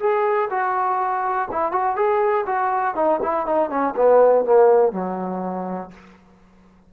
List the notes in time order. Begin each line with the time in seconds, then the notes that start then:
0.00 G#4
0.51 F#4
1.52 E4
1.72 F#4
1.96 G#4
2.47 F#4
2.96 D#4
3.23 E4
3.46 D#4
3.70 C#4
3.96 B3
4.45 A#3
4.92 F#3